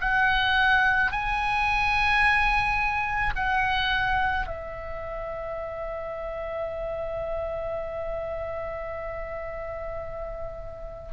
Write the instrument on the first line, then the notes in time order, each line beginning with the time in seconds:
oboe
0.00 F#5
1.11 G#5
3.35 F#5
4.46 E5